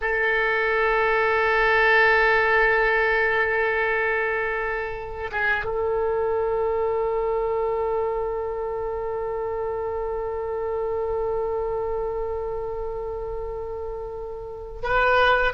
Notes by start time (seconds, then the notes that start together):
0.01 A4
5.31 G#4
5.64 A4
14.82 B4